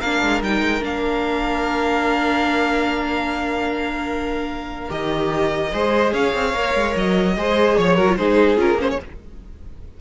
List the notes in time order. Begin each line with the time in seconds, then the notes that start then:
0.00 A#3 D4 A#4 F5
0.22 G#3
0.41 G3 D#4 G5
0.61 G#3
0.80 A#3 D4 F5
4.89 D#3 G4 D#5
5.72 G#3 G#4 C5
6.12 C#4 C#5 F5
6.33 C4
6.53 A#3 A#4
6.74 G#3
6.96 F#3 D#5
7.36 G#3 G#4 C5
7.77 F3 C#5
7.94 F#3 F#4 A#4
8.08 F4
8.16 G#3 D#4 G#4 C5
8.57 C#4 F4 A#4
8.74 A#3 C#4
8.81 C5
8.90 C#5